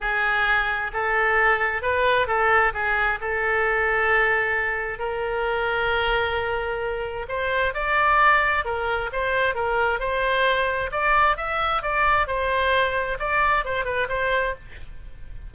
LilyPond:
\new Staff \with { instrumentName = "oboe" } { \time 4/4 \tempo 4 = 132 gis'2 a'2 | b'4 a'4 gis'4 a'4~ | a'2. ais'4~ | ais'1 |
c''4 d''2 ais'4 | c''4 ais'4 c''2 | d''4 e''4 d''4 c''4~ | c''4 d''4 c''8 b'8 c''4 | }